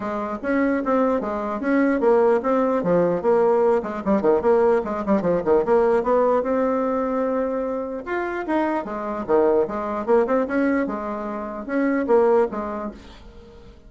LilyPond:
\new Staff \with { instrumentName = "bassoon" } { \time 4/4 \tempo 4 = 149 gis4 cis'4 c'4 gis4 | cis'4 ais4 c'4 f4 | ais4. gis8 g8 dis8 ais4 | gis8 g8 f8 dis8 ais4 b4 |
c'1 | f'4 dis'4 gis4 dis4 | gis4 ais8 c'8 cis'4 gis4~ | gis4 cis'4 ais4 gis4 | }